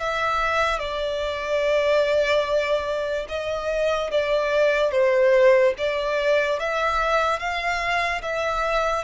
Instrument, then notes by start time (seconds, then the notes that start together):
violin
0.00 E5
0.79 D5
3.29 D#5
4.11 D5
4.92 C5
5.78 D5
6.60 E5
7.40 F5
8.23 E5